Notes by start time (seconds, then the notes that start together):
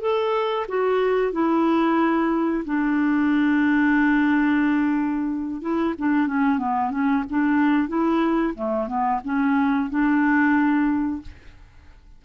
0.00 A4
0.68 F#4
1.32 E4
2.65 D4
5.61 E4
5.98 D4
6.27 C#4
6.58 B3
6.91 C#4
7.29 D4
7.88 E4
8.54 A3
8.87 B3
9.24 C#4
9.89 D4